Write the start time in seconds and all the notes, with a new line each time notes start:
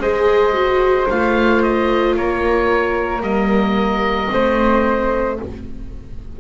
0.00 G#3 G#4 C5 D#5
0.53 F#4
1.09 A3 F4 F5
1.62 D#5
2.16 A#3 A#4 C#5
3.21 G3 A#3 D#5
4.28 A3 C4 C5